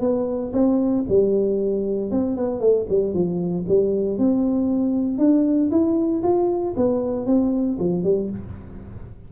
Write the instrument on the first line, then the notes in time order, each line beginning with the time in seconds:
tuba
0.00 B3
0.52 C4
1.08 G3
2.11 C4
2.36 B3
2.60 A3
2.88 G3
3.13 F3
3.68 G3
4.18 C4
5.18 D4
5.71 E4
6.23 F4
6.76 B3
7.26 C4
7.78 F3
8.03 G3